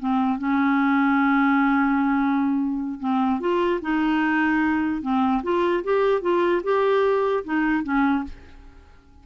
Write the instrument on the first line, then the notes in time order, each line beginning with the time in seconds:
clarinet
0.00 C4
0.38 C#4
3.00 C4
3.40 F4
3.82 D#4
5.02 C4
5.43 F4
5.84 G4
6.22 F4
6.64 G4
7.44 D#4
7.84 C#4